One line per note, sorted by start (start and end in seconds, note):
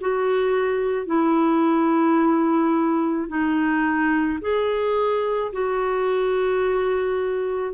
0.00 1.06 F#4
1.06 3.28 E4
3.28 4.39 D#4
4.41 5.52 G#4
5.52 7.74 F#4